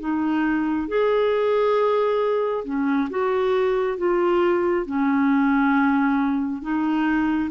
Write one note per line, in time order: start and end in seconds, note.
0.00 0.88 D#4
0.88 2.64 G#4
2.64 3.08 C#4
3.10 3.97 F#4
3.97 4.86 F4
4.86 6.62 C#4
6.62 7.50 D#4